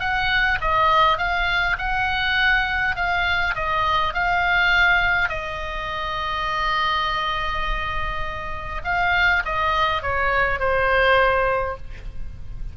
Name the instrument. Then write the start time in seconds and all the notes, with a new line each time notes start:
oboe
0.00 F#5
0.61 D#5
1.18 F5
1.79 F#5
2.96 F5
3.55 D#5
4.14 F5
5.29 D#5
8.85 F5
9.45 D#5
10.02 C#5
10.60 C5